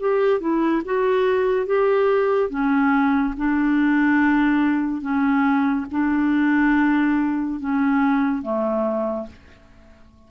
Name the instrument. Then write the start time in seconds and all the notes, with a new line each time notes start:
clarinet
0.00 G4
0.40 E4
0.85 F#4
1.66 G4
2.50 C#4
3.37 D4
5.01 C#4
5.92 D4
7.60 C#4
8.42 A3